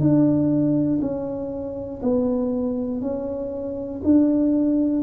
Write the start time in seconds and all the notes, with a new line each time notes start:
0.00 D4
1.01 C#4
2.02 B3
3.01 C#4
4.04 D4